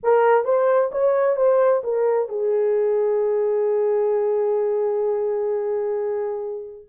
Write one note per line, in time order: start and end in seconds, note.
0.03 0.44 A#4
0.44 0.90 C5
0.91 1.36 C#5
1.36 1.82 C5
1.83 2.28 A#4
2.28 6.86 G#4